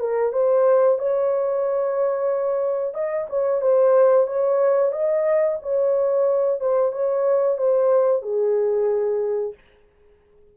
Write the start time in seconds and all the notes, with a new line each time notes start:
0.00 A#4
0.33 C5
0.99 C#5
2.94 D#5
3.29 C#5
3.62 C5
4.27 C#5
4.92 D#5
5.62 C#5
6.61 C5
6.92 C#5
7.58 C5
8.22 G#4